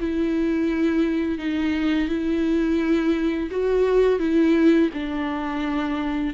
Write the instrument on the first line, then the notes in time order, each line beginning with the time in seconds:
viola
0.00 E4
1.38 D#4
2.08 E4
3.51 F#4
4.19 E4
4.93 D4